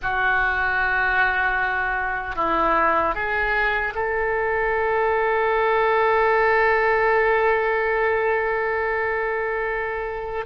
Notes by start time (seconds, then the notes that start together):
0.02 F#4
2.35 E4
3.14 G#4
3.95 A4